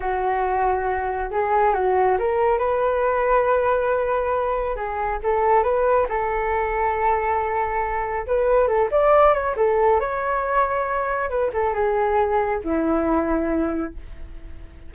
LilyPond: \new Staff \with { instrumentName = "flute" } { \time 4/4 \tempo 4 = 138 fis'2. gis'4 | fis'4 ais'4 b'2~ | b'2. gis'4 | a'4 b'4 a'2~ |
a'2. b'4 | a'8 d''4 cis''8 a'4 cis''4~ | cis''2 b'8 a'8 gis'4~ | gis'4 e'2. | }